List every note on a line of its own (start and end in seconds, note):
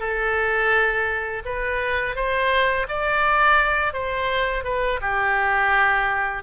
0.00 1.43 A4
1.45 2.16 B4
2.16 2.87 C5
2.89 3.93 D5
3.93 4.64 C5
4.64 5.00 B4
5.02 6.43 G4